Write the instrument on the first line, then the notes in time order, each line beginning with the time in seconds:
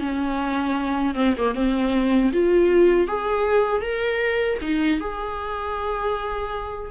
viola
0.00 C#4
1.15 C4
1.38 A#3
1.55 C4
2.33 F4
3.08 G#4
3.82 A#4
4.62 D#4
5.00 G#4